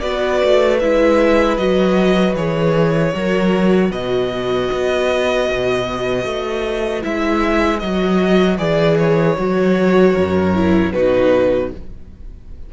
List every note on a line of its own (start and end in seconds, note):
0.00 0.42 B3
0.00 0.80 F#4
0.00 3.14 B4
0.00 0.78 D5
0.44 0.83 A3
0.80 1.58 G#3
0.80 1.59 E4
0.80 1.57 E5
1.57 2.35 F#3
1.57 2.37 F#4
1.57 2.35 D#5
2.35 3.13 E3
2.35 3.13 G#4
2.35 3.92 C#5
3.13 3.91 F#3
3.13 7.02 F#4
3.13 3.92 A#4
3.91 4.69 B2
3.91 10.14 B4
3.91 7.04 D#5
4.72 5.50 B3
5.50 6.25 B2
6.25 7.03 A3
7.02 7.82 G#3
7.02 7.80 E4
7.02 7.79 E5
7.79 8.59 F#3
7.79 8.58 F#4
7.79 8.57 D#5
8.58 9.37 E3
8.58 9.36 G#4
8.58 8.98 D5
8.99 10.92 C#5
9.37 10.17 F#3
9.37 10.54 F#4
10.14 10.94 F#2
10.14 10.92 A#4
10.54 10.93 E4
10.92 11.72 B2
10.92 11.73 D#4
10.92 11.72 F#4
10.92 11.70 B4